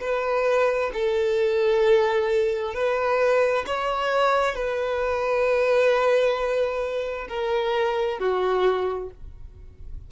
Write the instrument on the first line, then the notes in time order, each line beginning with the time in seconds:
violin
0.00 B4
0.93 A4
2.74 B4
3.67 C#5
4.55 B4
7.29 A#4
8.19 F#4